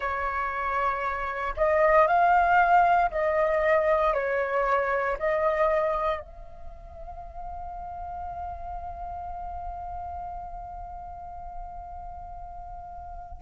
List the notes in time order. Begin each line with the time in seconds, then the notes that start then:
0.00 C#5
1.56 D#5
2.07 F5
3.10 D#5
4.13 C#5
5.18 D#5
6.20 F5